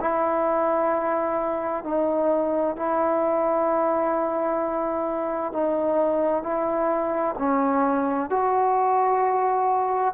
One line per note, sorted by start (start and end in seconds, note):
0.00 1.84 E4
1.84 2.76 D#4
2.76 5.53 E4
5.53 6.43 D#4
6.43 7.35 E4
7.38 8.30 C#4
8.30 10.14 F#4